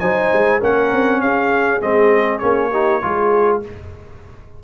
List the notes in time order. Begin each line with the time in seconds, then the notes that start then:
0.00 F#3 D#4 C5 G#5
0.33 G#3
0.60 A#3 C#4 A#4 F#5
0.93 C4
1.21 C#4 G#4 F5
1.81 G#3 C4 D#5
2.39 A#3 C#4 C#5
2.71 D#4 G4
3.02 G#3 F4 G#4